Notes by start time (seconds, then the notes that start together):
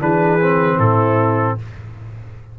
0.00 E3 D4 G#4 B4
0.40 C4
0.77 A2 E4 A4